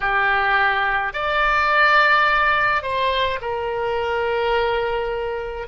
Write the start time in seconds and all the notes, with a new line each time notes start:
0.00 G4
1.13 D5
2.82 C5
3.41 A#4